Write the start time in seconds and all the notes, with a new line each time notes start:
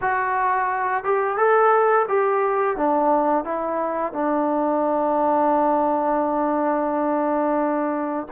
0.01 F#4
1.04 G4
1.37 A4
2.08 G4
2.76 D4
3.44 E4
4.13 D4